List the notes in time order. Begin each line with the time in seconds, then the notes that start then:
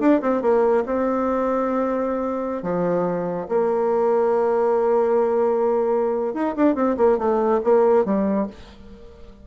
0.00 D4
0.22 C4
0.42 A#3
0.86 C4
2.63 F3
3.49 A#3
6.34 D#4
6.56 D4
6.75 C4
6.97 A#3
7.18 A3
7.64 A#3
8.05 G3